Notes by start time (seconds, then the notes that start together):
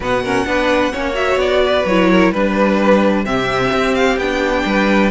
0.00 B2 B3 B4 F#5
0.23 C#4 A#4
0.46 B3 D4 B4
0.92 A#3 C#4 C#5
1.13 F#4 E5
1.36 B3 D5
1.65 B4
1.85 F#3 E4 C#5
2.10 A#4
2.31 G3 D4 B4
3.25 C3 C4 G4 E5
3.72 C4
3.94 F5
4.17 B3 D4 G5
4.65 G3 B4